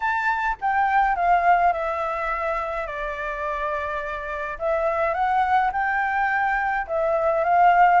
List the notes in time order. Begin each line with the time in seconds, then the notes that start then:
0.00 A5
0.61 G5
1.15 F5
1.72 E5
2.86 D5
4.58 E5
5.14 F#5
5.72 G5
6.87 E5
7.44 F5